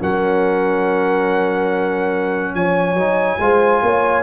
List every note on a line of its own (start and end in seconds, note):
0.00 2.54 F#3
0.00 2.96 C#4
0.00 2.55 A#4
0.00 2.55 F#5
2.54 2.94 F3
2.54 3.39 C#5
2.54 4.23 G#5
2.94 3.36 F#3
2.94 3.39 D#4
3.39 3.82 G#3
3.39 4.23 F4
3.39 3.83 C5
3.82 4.23 A#3
3.82 4.23 C#5